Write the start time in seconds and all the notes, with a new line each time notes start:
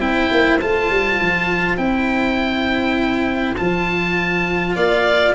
0.00 C4 E4 C5 G5
0.32 A#3
0.61 A3 F4 A5
0.90 G3
1.20 F3
1.77 C4 E4 G5
3.57 F3 F4 A5
4.75 A#3 D5 F5